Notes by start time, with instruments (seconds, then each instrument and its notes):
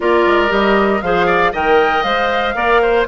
0.00 bassoon A#3, clarinet F4, oboe A#4, flute D5
0.26 bassoon G#3
0.48 bassoon G3, clarinet G4, flute D#5
1.01 bassoon F3, clarinet G#4, oboe C5, flute F5
1.26 oboe D5
1.52 bassoon D#3, clarinet A#4, oboe D#5, flute G5
2.03 bassoon G#3, clarinet C5, flute F5
2.54 bassoon A#3, clarinet A#4, oboe D5
2.81 oboe C5